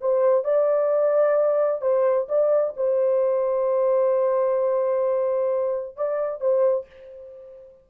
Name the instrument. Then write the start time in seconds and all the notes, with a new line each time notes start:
horn
0.00 C5
0.44 D5
1.81 C5
2.28 D5
2.76 C5
5.96 D5
6.40 C5